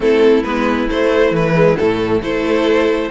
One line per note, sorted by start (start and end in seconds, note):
0.00 0.43 A3
0.00 0.44 C4
0.00 2.22 E4
0.00 0.43 A4
0.43 0.88 G#3
0.43 0.88 B3
0.43 0.87 B4
0.88 1.54 A3
0.88 1.31 A3
0.88 1.34 C5
1.31 1.75 E3
1.31 1.76 B4
1.54 1.76 G#3
1.76 2.21 A2
1.76 2.21 A3
1.76 2.20 A4
2.21 3.10 A3
2.21 3.11 E4
2.21 3.11 A4
2.21 3.11 C5